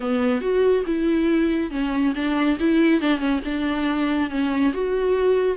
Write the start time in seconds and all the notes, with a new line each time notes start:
0.00 B3
0.41 F#4
0.86 E4
1.70 C#4
2.15 D4
2.59 E4
3.01 D4
3.18 C#4
3.44 D4
4.30 C#4
4.73 F#4